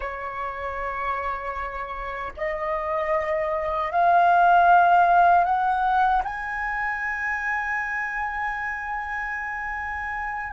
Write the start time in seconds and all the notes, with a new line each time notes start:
0.00 C#5
2.36 D#5
3.91 F5
5.44 F#5
6.24 G#5